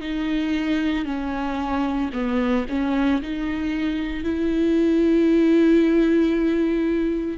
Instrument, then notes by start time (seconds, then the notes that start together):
viola
0.00 D#4
1.05 C#4
2.12 B3
2.68 C#4
3.22 D#4
4.23 E4